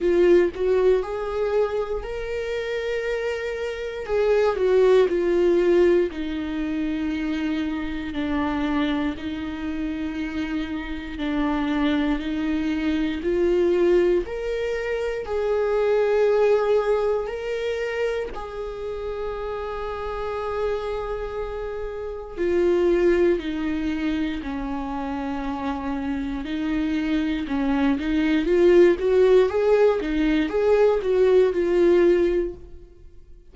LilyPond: \new Staff \with { instrumentName = "viola" } { \time 4/4 \tempo 4 = 59 f'8 fis'8 gis'4 ais'2 | gis'8 fis'8 f'4 dis'2 | d'4 dis'2 d'4 | dis'4 f'4 ais'4 gis'4~ |
gis'4 ais'4 gis'2~ | gis'2 f'4 dis'4 | cis'2 dis'4 cis'8 dis'8 | f'8 fis'8 gis'8 dis'8 gis'8 fis'8 f'4 | }